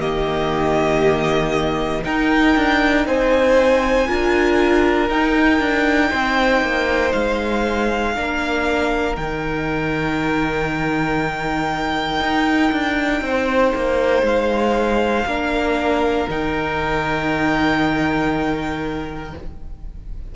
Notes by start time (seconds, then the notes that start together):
0.00 D#3 A#3 G4 D#5
2.05 D#4 A#4 G5
2.56 D4
3.06 C4 C5 G#5
4.07 D4 F4 A#4
5.10 D#4 G5
5.59 D4
6.09 C4 C5
6.62 A#3
7.12 G#3 F5
8.15 A#3 D4 A#4
9.15 D#3 D#4 G5
12.20 D#4
12.72 D4
13.22 C4 C5
13.75 A#3
14.22 G#3 F5
15.25 A#3 D4 A#4
16.29 D#3 D#4 G5